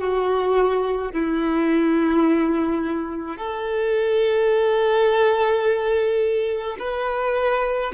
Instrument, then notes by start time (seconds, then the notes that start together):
violin
0.00 F#4
1.12 E4
3.37 A4
6.79 B4